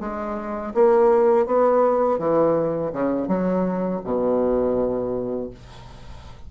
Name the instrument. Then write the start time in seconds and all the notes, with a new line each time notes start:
bassoon
0.00 G#3
0.74 A#3
1.46 B3
2.19 E3
2.92 C#3
3.28 F#3
4.04 B2